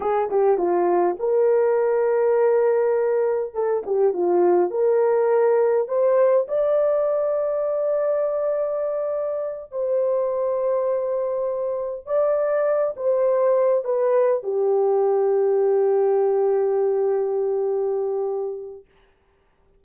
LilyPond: \new Staff \with { instrumentName = "horn" } { \time 4/4 \tempo 4 = 102 gis'8 g'8 f'4 ais'2~ | ais'2 a'8 g'8 f'4 | ais'2 c''4 d''4~ | d''1~ |
d''8 c''2.~ c''8~ | c''8 d''4. c''4. b'8~ | b'8 g'2.~ g'8~ | g'1 | }